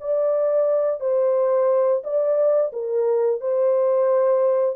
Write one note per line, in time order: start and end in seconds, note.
0.00 1.00 D5
1.00 2.02 C5
2.04 2.72 D5
2.72 3.40 A#4
3.40 4.75 C5